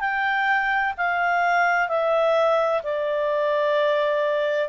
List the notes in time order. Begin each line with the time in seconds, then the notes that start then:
0.00 G5
0.97 F5
1.88 E5
2.83 D5